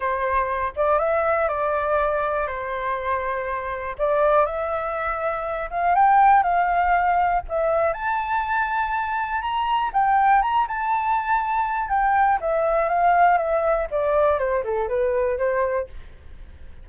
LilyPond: \new Staff \with { instrumentName = "flute" } { \time 4/4 \tempo 4 = 121 c''4. d''8 e''4 d''4~ | d''4 c''2. | d''4 e''2~ e''8 f''8 | g''4 f''2 e''4 |
a''2. ais''4 | g''4 ais''8 a''2~ a''8 | g''4 e''4 f''4 e''4 | d''4 c''8 a'8 b'4 c''4 | }